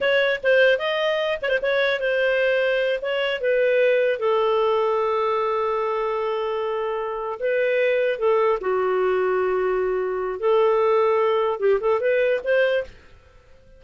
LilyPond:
\new Staff \with { instrumentName = "clarinet" } { \time 4/4 \tempo 4 = 150 cis''4 c''4 dis''4. cis''16 c''16 | cis''4 c''2~ c''8 cis''8~ | cis''8 b'2 a'4.~ | a'1~ |
a'2~ a'8 b'4.~ | b'8 a'4 fis'2~ fis'8~ | fis'2 a'2~ | a'4 g'8 a'8 b'4 c''4 | }